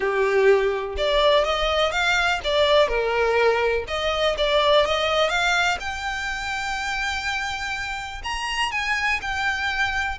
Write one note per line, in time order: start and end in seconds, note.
0.00 0.96 G4
0.97 1.44 D5
1.44 1.91 D#5
1.91 2.40 F5
2.43 2.88 D5
2.88 3.84 A#4
3.87 4.35 D#5
4.37 4.85 D5
4.85 5.29 D#5
5.29 5.77 F5
5.80 8.21 G5
8.23 8.71 A#5
8.71 9.20 G#5
9.21 10.18 G5